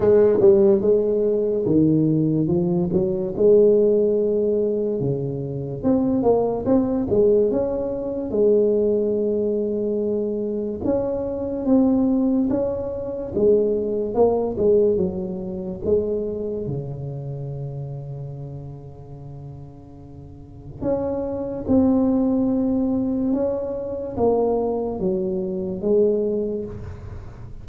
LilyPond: \new Staff \with { instrumentName = "tuba" } { \time 4/4 \tempo 4 = 72 gis8 g8 gis4 dis4 f8 fis8 | gis2 cis4 c'8 ais8 | c'8 gis8 cis'4 gis2~ | gis4 cis'4 c'4 cis'4 |
gis4 ais8 gis8 fis4 gis4 | cis1~ | cis4 cis'4 c'2 | cis'4 ais4 fis4 gis4 | }